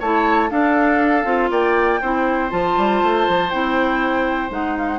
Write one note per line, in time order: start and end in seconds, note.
0.00 0.51 A3
0.00 0.50 E4
0.00 0.50 C#5
0.00 0.51 A5
0.50 1.25 D4
0.50 1.51 A4
0.50 1.51 F5
1.25 1.50 C4
1.25 2.00 F4
1.51 2.01 A#3
1.51 2.01 D5
1.51 2.51 G5
2.01 2.52 C4
2.01 2.50 E4
2.01 4.99 C5
2.50 2.77 F3
2.50 3.50 F4
2.50 3.50 A5
2.78 3.03 G3
3.03 3.28 A3
3.28 3.53 F3
3.50 4.50 C4
3.50 4.50 E4
3.50 4.50 G5
4.50 4.99 G#3
4.50 4.99 D#4
4.50 4.78 F#5
4.78 4.88 F5
4.88 4.99 F#5